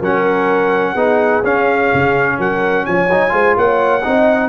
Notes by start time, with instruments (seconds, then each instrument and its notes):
0.00 tuba F#3, trombone C#4, horn A#4, trumpet F#5
0.93 tuba B3, trombone D#4, horn G#4
1.43 tuba C#4, trombone C#4, trumpet F5
1.93 tuba C#3
2.38 tuba F#3, horn A#4, trumpet F#5
2.85 tuba F3, horn C#5, trumpet G#5
3.09 tuba F#3, trombone D#4
3.29 tuba G#3, trombone F4, horn C5
3.56 tuba A#3, horn C#5, trumpet F#5
4.04 tuba C4, trombone D#4, horn D#5